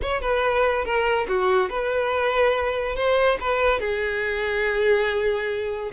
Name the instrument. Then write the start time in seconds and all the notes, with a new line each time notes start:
violin
0.02 C#5
0.21 B4
0.84 A#4
1.28 F#4
1.69 B4
2.95 C5
3.40 B4
3.80 G#4